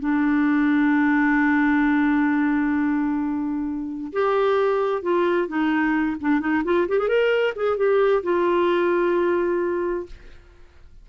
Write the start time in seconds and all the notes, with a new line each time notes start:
0.00 D4
4.13 G4
5.03 F4
5.48 D#4
6.21 D4
6.40 D#4
6.65 F4
6.88 G4
6.99 G#4
7.08 A#4
7.56 G#4
7.77 G4
8.23 F4